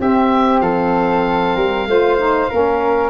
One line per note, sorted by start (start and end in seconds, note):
0.00 0.61 C4
0.00 1.88 C4
0.00 0.63 G4
0.00 0.61 E5
0.61 1.55 F3
0.61 1.56 A4
0.61 3.10 F5
1.56 1.87 G3
1.56 1.87 A#4
1.87 2.49 A3
1.87 2.18 F4
1.87 2.50 C5
2.18 2.49 D#4
2.50 3.10 A#3
2.50 3.10 C#4
2.50 3.10 A#4